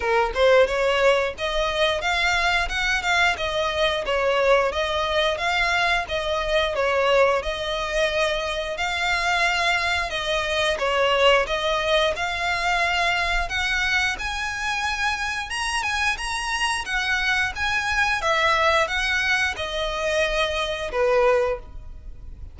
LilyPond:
\new Staff \with { instrumentName = "violin" } { \time 4/4 \tempo 4 = 89 ais'8 c''8 cis''4 dis''4 f''4 | fis''8 f''8 dis''4 cis''4 dis''4 | f''4 dis''4 cis''4 dis''4~ | dis''4 f''2 dis''4 |
cis''4 dis''4 f''2 | fis''4 gis''2 ais''8 gis''8 | ais''4 fis''4 gis''4 e''4 | fis''4 dis''2 b'4 | }